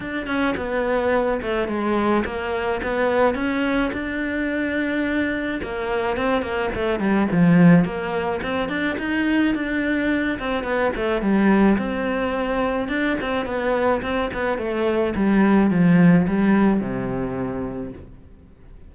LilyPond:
\new Staff \with { instrumentName = "cello" } { \time 4/4 \tempo 4 = 107 d'8 cis'8 b4. a8 gis4 | ais4 b4 cis'4 d'4~ | d'2 ais4 c'8 ais8 | a8 g8 f4 ais4 c'8 d'8 |
dis'4 d'4. c'8 b8 a8 | g4 c'2 d'8 c'8 | b4 c'8 b8 a4 g4 | f4 g4 c2 | }